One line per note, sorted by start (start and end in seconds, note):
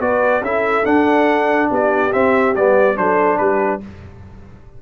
0.00 0.41 B3
0.00 0.43 F#4
0.00 0.43 B4
0.00 0.43 D5
0.41 0.84 C#4
0.41 0.84 E4
0.41 1.70 A4
0.41 0.85 E5
0.84 2.11 D4
0.84 1.70 D4
0.84 1.70 F#5
1.70 2.13 B3
1.70 2.97 G4
1.70 2.13 D5
2.12 2.54 C4
2.12 2.56 C4
2.12 2.55 E5
2.55 2.98 G3
2.55 2.96 B3
2.55 2.97 D5
2.96 3.40 F#3
2.96 3.81 D4
2.96 3.39 A4
2.96 3.38 C5
3.38 3.82 G3
3.38 3.82 G4
3.38 3.80 B4